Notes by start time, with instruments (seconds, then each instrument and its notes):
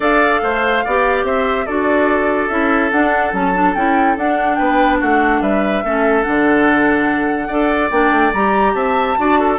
0.00 bassoon D4, clarinet A4, oboe D5, flute F5
0.42 bassoon A3, oboe C5
0.84 bassoon B3, clarinet G4, oboe D5
1.23 bassoon C4, oboe C5, flute E5
1.66 bassoon D4, clarinet F#4, oboe A4, flute D5
2.48 bassoon C#4, clarinet E4, flute E5
2.91 bassoon D4, clarinet D4, flute F#5
3.32 bassoon F#3, clarinet C#4, flute A5
3.54 clarinet D4
3.74 bassoon C#4, clarinet E4, flute G5
4.16 bassoon D4, clarinet D4, flute F#5
4.55 bassoon B3, oboe B4, flute G5
4.99 bassoon A3, oboe F#4, flute F#5
5.41 bassoon G3, oboe B4, flute E5
5.83 bassoon A3, clarinet C#4, oboe A4
6.22 bassoon D3, clarinet D4, flute F#5
7.47 bassoon D4, clarinet A4, oboe D5
7.90 bassoon A#3, clarinet D4, flute G5
8.11 bassoon A3
8.33 bassoon G3, clarinet G4, flute A#5
8.74 bassoon C4, oboe E5, flute A5
9.17 bassoon D4, clarinet F#4, oboe D5
9.39 oboe A4